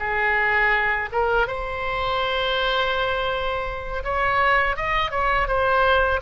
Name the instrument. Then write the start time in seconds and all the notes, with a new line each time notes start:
oboe
0.00 G#4
1.12 A#4
1.48 C5
4.04 C#5
4.77 D#5
5.11 C#5
5.48 C5